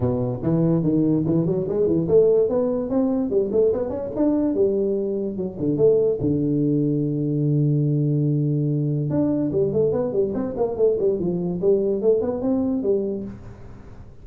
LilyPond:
\new Staff \with { instrumentName = "tuba" } { \time 4/4 \tempo 4 = 145 b,4 e4 dis4 e8 fis8 | gis8 e8 a4 b4 c'4 | g8 a8 b8 cis'8 d'4 g4~ | g4 fis8 d8 a4 d4~ |
d1~ | d2 d'4 g8 a8 | b8 g8 c'8 ais8 a8 g8 f4 | g4 a8 b8 c'4 g4 | }